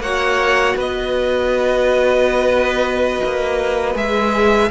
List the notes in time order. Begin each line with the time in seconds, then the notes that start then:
0.00 A#3 F#4 C#5 F#5
0.76 B3 B4 D#5
3.24 A#3
3.94 G#3 G#4 E5